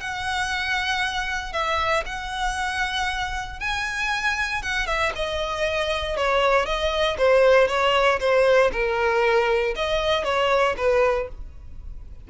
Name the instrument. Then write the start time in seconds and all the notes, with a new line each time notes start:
violin
0.00 F#5
1.53 E5
2.06 F#5
3.60 G#5
4.62 F#5
4.86 E5
5.15 D#5
6.17 C#5
6.66 D#5
7.18 C5
7.68 C#5
8.20 C5
8.72 A#4
9.76 D#5
10.24 C#5
10.77 B4